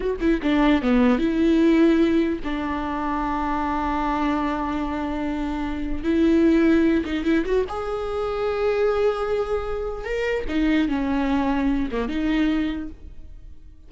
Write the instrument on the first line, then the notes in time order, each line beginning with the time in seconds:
viola
0.00 F#4
0.20 E4
0.42 D4
0.82 B3
1.18 E4
2.43 D4
6.03 E4
7.05 D#4
7.24 E4
7.45 F#4
7.68 G#4
10.04 A#4
10.48 D#4
10.88 C#4
11.91 A#3
12.08 D#4